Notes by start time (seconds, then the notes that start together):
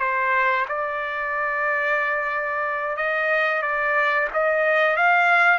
0.00 C5
0.69 D5
2.97 D#5
3.63 D5
4.34 D#5
4.97 F5